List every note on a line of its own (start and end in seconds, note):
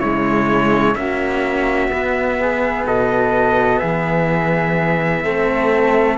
0.00 0.95 C#3
0.00 0.96 G#3
0.00 0.95 E4
0.00 0.95 C#5
0.95 1.88 A#3
0.95 1.91 C#4
0.95 2.41 F#4
0.95 2.86 E5
1.88 2.84 B3
1.88 5.25 B3
2.41 2.87 G#4
2.86 3.81 B2
2.86 3.80 A4
2.86 3.79 D#5
3.79 5.25 E3
3.79 5.23 G#4
3.79 6.17 E5
5.24 6.18 A3
5.24 6.18 C4
5.24 6.18 A4